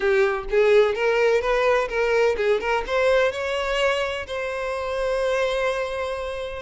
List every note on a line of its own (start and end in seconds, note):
0.00 0.44 G4
0.50 0.94 G#4
0.94 1.41 A#4
1.41 1.88 B4
1.89 2.36 A#4
2.36 2.60 G#4
2.60 2.83 A#4
2.86 3.32 C5
3.32 4.26 C#5
4.26 6.62 C5